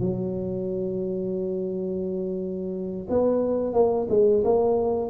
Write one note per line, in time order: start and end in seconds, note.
0.00 3.07 F#3
3.09 3.73 B3
3.73 4.07 A#3
4.09 4.43 G#3
4.44 5.10 A#3